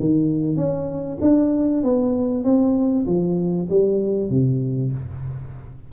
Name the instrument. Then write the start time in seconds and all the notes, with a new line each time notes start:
tuba
0.00 D#3
0.57 C#4
1.21 D4
1.84 B3
2.44 C4
3.07 F3
3.70 G3
4.30 C3